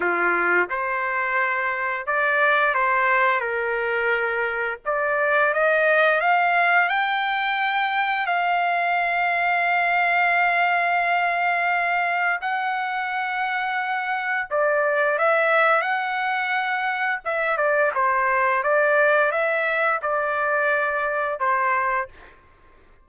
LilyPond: \new Staff \with { instrumentName = "trumpet" } { \time 4/4 \tempo 4 = 87 f'4 c''2 d''4 | c''4 ais'2 d''4 | dis''4 f''4 g''2 | f''1~ |
f''2 fis''2~ | fis''4 d''4 e''4 fis''4~ | fis''4 e''8 d''8 c''4 d''4 | e''4 d''2 c''4 | }